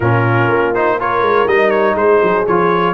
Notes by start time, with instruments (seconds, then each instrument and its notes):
0.00 tuba A#2, trombone C#4, horn F4, trumpet A#4
0.48 tuba A#3
0.74 trombone D#4, trumpet C5
0.98 trombone F4, horn A#4, trumpet C#5
1.21 tuba G#3
1.47 tuba G3, trombone D#4, trumpet D#5
1.70 trumpet C#5
1.94 tuba G#3, horn G#4, trumpet C5
2.22 tuba F#3
2.46 tuba F3, trombone F4, trumpet C#5